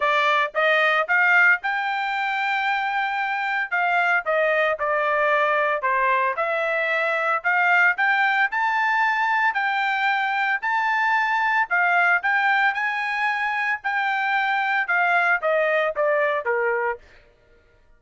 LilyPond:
\new Staff \with { instrumentName = "trumpet" } { \time 4/4 \tempo 4 = 113 d''4 dis''4 f''4 g''4~ | g''2. f''4 | dis''4 d''2 c''4 | e''2 f''4 g''4 |
a''2 g''2 | a''2 f''4 g''4 | gis''2 g''2 | f''4 dis''4 d''4 ais'4 | }